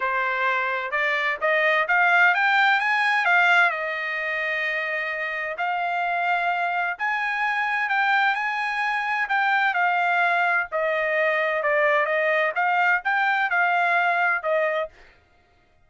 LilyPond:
\new Staff \with { instrumentName = "trumpet" } { \time 4/4 \tempo 4 = 129 c''2 d''4 dis''4 | f''4 g''4 gis''4 f''4 | dis''1 | f''2. gis''4~ |
gis''4 g''4 gis''2 | g''4 f''2 dis''4~ | dis''4 d''4 dis''4 f''4 | g''4 f''2 dis''4 | }